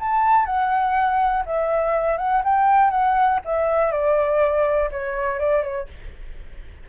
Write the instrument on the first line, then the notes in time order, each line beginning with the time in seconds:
flute
0.00 A5
0.46 F#5
1.46 E5
2.18 F#5
2.44 G5
2.91 F#5
3.45 E5
3.92 D5
4.92 C#5
5.40 D5
5.63 C#5